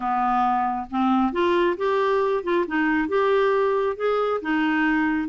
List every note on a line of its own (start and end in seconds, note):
0.00 0.86 B3
0.90 1.32 C4
1.32 1.76 F4
1.77 2.43 G4
2.43 2.65 F4
2.67 3.08 D#4
3.08 3.96 G4
3.96 4.40 G#4
4.41 5.28 D#4